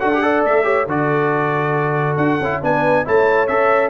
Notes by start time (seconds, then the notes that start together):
0.00 D4 F#4 A4 F#5
0.14 G4
0.23 A4 D5
0.45 A3 E5
0.63 G4 C#5
0.86 D3 F#4 A4 D5
2.17 D4 F#5
2.40 C#4 E4
2.63 B3 D4 B4 G#5
3.05 A3 E4 C#5 A5
3.47 C#4 A4 E5